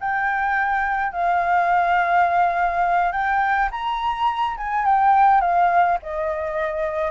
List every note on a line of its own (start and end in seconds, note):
0.00 1.12 G5
1.12 3.12 F5
3.12 3.69 G5
3.71 4.57 A#5
4.57 4.85 G#5
4.85 5.41 G5
5.41 5.98 F5
6.02 7.11 D#5